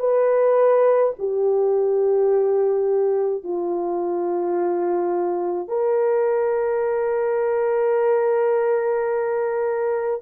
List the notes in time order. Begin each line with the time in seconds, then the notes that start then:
0.00 B4
1.19 G4
3.44 F4
5.69 A#4